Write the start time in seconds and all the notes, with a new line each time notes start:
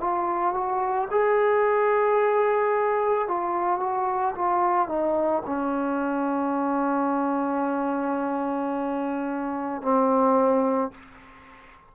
0.00 F4
0.54 F#4
1.11 G#4
3.27 F4
3.79 F#4
4.35 F4
4.88 D#4
5.45 C#4
9.82 C4